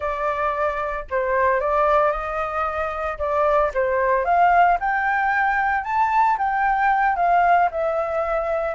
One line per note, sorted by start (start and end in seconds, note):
0.00 1.05 D5
1.10 1.60 C5
1.60 2.11 D5
2.11 3.17 D#5
3.18 3.71 D5
3.74 4.24 C5
4.24 4.77 F5
4.80 5.84 G5
5.84 6.37 A5
6.37 7.16 G5
7.16 7.69 F5
7.71 8.75 E5